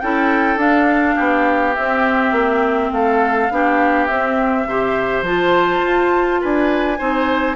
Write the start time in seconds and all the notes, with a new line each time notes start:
0.00 C#4 E4 A4 G5
0.57 D4 F5
1.15 B3 G4
1.75 C4 E5
2.31 A#3
2.91 A3 A4 F5
3.50 B3 D4 G4
4.06 C4 E5
4.66 C3 G4 C5
5.22 F3 F4 A5
5.84 F4
6.41 D4 B4 G#5
6.98 C4 D#4 C5